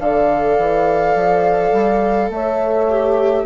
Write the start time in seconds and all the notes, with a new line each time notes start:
0.00 D3 A4 D5 F5
0.58 E3
1.16 F3
1.73 G3
2.30 A3 C#5 E5
2.90 G4